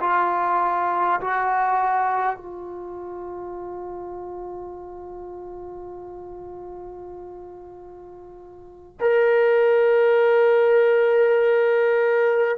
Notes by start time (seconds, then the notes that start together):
0.00 F4
1.21 F#4
2.37 F4
9.00 A#4